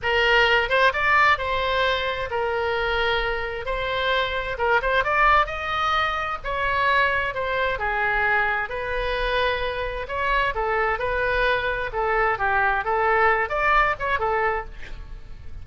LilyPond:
\new Staff \with { instrumentName = "oboe" } { \time 4/4 \tempo 4 = 131 ais'4. c''8 d''4 c''4~ | c''4 ais'2. | c''2 ais'8 c''8 d''4 | dis''2 cis''2 |
c''4 gis'2 b'4~ | b'2 cis''4 a'4 | b'2 a'4 g'4 | a'4. d''4 cis''8 a'4 | }